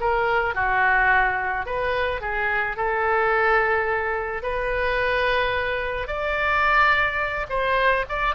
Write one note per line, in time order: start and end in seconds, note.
0.00 0.55 A#4
0.55 1.65 F#4
1.65 2.21 B4
2.21 2.76 G#4
2.77 4.42 A4
4.42 6.07 B4
6.07 7.46 D5
7.49 8.05 C5
8.09 8.35 D5